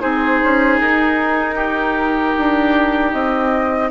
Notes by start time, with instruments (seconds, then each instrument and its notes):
0.00 bassoon C4, clarinet D#4, oboe G#4, flute C5
0.43 bassoon C#4
0.79 bassoon D#4, flute A#4
1.56 oboe G4
2.38 bassoon D4
3.13 bassoon C4, flute D#5